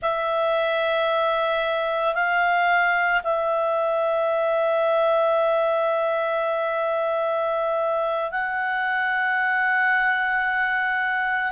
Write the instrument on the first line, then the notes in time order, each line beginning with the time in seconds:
clarinet
0.02 E5
2.14 F5
3.23 E5
8.31 F#5